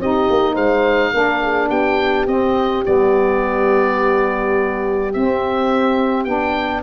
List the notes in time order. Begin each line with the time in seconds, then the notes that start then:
0.00 C4 D#4 G4 D#5
0.30 A#3
0.54 G#3 C5 F5
1.13 A#3 D4 A#4
1.43 G#4
1.69 B3 G4 G5
2.27 C4 D#5
2.85 G3 B3 D5
5.13 C4 E5
6.25 B3 D4 G5